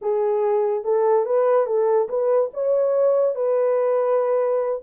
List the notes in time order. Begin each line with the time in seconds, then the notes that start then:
0.01 G#4
0.84 A4
1.25 B4
1.66 A4
2.09 B4
2.53 C#5
3.35 B4